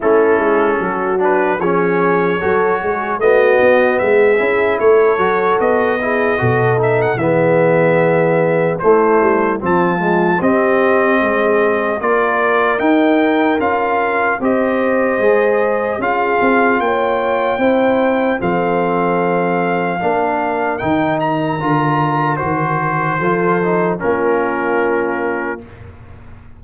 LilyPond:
<<
  \new Staff \with { instrumentName = "trumpet" } { \time 4/4 \tempo 4 = 75 a'4. b'8 cis''2 | dis''4 e''4 cis''4 dis''4~ | dis''8 e''16 fis''16 e''2 c''4 | a''4 dis''2 d''4 |
g''4 f''4 dis''2 | f''4 g''2 f''4~ | f''2 g''8 ais''4. | c''2 ais'2 | }
  \new Staff \with { instrumentName = "horn" } { \time 4/4 e'4 fis'4 gis'4 a'8 gis'8 | fis'4 gis'4 a'4. gis'8 | a'4 gis'2 e'4 | f'4 g'4 gis'4 ais'4~ |
ais'2 c''2 | gis'4 cis''4 c''4 a'4~ | a'4 ais'2.~ | ais'4 a'4 f'2 | }
  \new Staff \with { instrumentName = "trombone" } { \time 4/4 cis'4. d'8 cis'4 fis'4 | b4. e'4 fis'4 e'8 | fis'8 dis'8 b2 a4 | c'8 gis8 c'2 f'4 |
dis'4 f'4 g'4 gis'4 | f'2 e'4 c'4~ | c'4 d'4 dis'4 f'4 | fis'4 f'8 dis'8 cis'2 | }
  \new Staff \with { instrumentName = "tuba" } { \time 4/4 a8 gis8 fis4 f4 fis8 gis8 | a8 b8 gis8 cis'8 a8 fis8 b4 | b,4 e2 a8 g8 | f4 c'4 gis4 ais4 |
dis'4 cis'4 c'4 gis4 | cis'8 c'8 ais4 c'4 f4~ | f4 ais4 dis4 d4 | dis4 f4 ais2 | }
>>